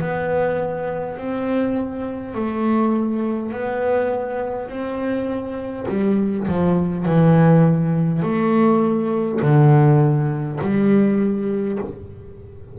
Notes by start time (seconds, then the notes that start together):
0.00 B3
1.17 C4
2.34 A3
3.52 B3
4.68 C4
5.88 G3
6.48 F3
7.05 E3
8.22 A3
9.42 D3
10.61 G3